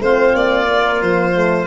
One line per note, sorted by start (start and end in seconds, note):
0.00 0.33 A3
0.00 0.68 C4
0.00 1.67 F4
0.00 0.35 C5
0.35 1.02 A#3
0.35 1.02 D5
0.68 1.34 A#3
1.02 1.67 F3
1.02 1.67 C5
1.34 1.67 A3